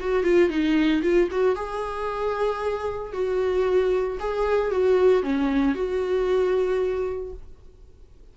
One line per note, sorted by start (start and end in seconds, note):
0.00 0.24 F#4
0.24 0.49 F4
0.49 1.02 D#4
1.02 1.29 F4
1.31 1.55 F#4
1.55 3.12 G#4
3.12 4.18 F#4
4.20 4.71 G#4
4.71 5.22 F#4
5.22 5.75 C#4
5.75 7.33 F#4